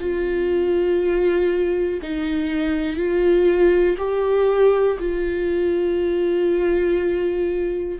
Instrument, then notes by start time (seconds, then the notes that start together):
viola
0.00 F4
2.02 D#4
2.96 F4
3.98 G4
4.99 F4